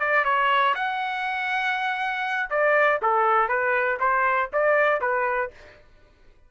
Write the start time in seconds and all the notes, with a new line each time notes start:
0.00 D5
0.25 C#5
0.75 F#5
2.50 D5
3.02 A4
3.49 B4
4.00 C5
4.53 D5
5.01 B4